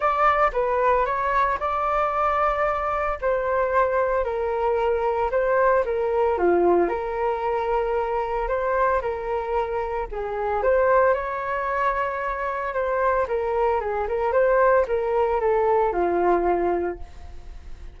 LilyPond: \new Staff \with { instrumentName = "flute" } { \time 4/4 \tempo 4 = 113 d''4 b'4 cis''4 d''4~ | d''2 c''2 | ais'2 c''4 ais'4 | f'4 ais'2. |
c''4 ais'2 gis'4 | c''4 cis''2. | c''4 ais'4 gis'8 ais'8 c''4 | ais'4 a'4 f'2 | }